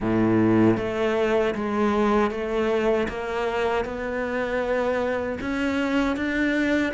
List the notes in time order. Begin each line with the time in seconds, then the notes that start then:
0.00 A2
0.77 A3
1.55 G#3
2.30 A3
3.08 A#3
3.84 B3
5.41 C#4
6.16 D4